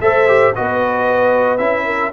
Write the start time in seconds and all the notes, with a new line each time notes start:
0.00 A3 A4 C5 E5
0.27 G4
0.55 B3 F#4 B4 D#5
1.57 C#4 E4 E5
1.85 A#4